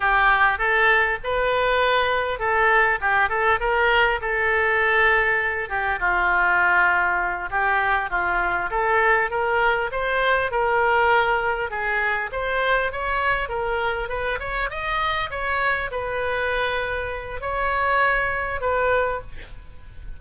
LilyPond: \new Staff \with { instrumentName = "oboe" } { \time 4/4 \tempo 4 = 100 g'4 a'4 b'2 | a'4 g'8 a'8 ais'4 a'4~ | a'4. g'8 f'2~ | f'8 g'4 f'4 a'4 ais'8~ |
ais'8 c''4 ais'2 gis'8~ | gis'8 c''4 cis''4 ais'4 b'8 | cis''8 dis''4 cis''4 b'4.~ | b'4 cis''2 b'4 | }